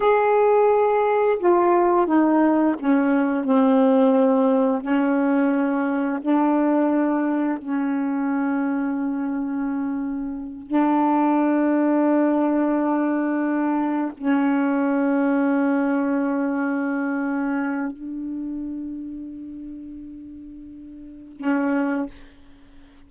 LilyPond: \new Staff \with { instrumentName = "saxophone" } { \time 4/4 \tempo 4 = 87 gis'2 f'4 dis'4 | cis'4 c'2 cis'4~ | cis'4 d'2 cis'4~ | cis'2.~ cis'8 d'8~ |
d'1~ | d'8 cis'2.~ cis'8~ | cis'2 d'2~ | d'2. cis'4 | }